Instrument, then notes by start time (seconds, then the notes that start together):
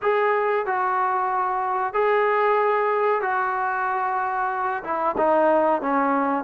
trombone
0.02 G#4
0.66 F#4
1.93 G#4
3.21 F#4
4.83 E4
5.17 D#4
5.81 C#4